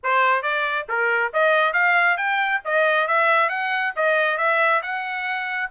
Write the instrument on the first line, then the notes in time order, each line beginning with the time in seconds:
trumpet
0.03 C5
0.42 D5
0.88 A#4
1.33 D#5
1.73 F5
2.17 G5
2.65 D#5
3.07 E5
3.49 F#5
3.96 D#5
4.37 E5
4.82 F#5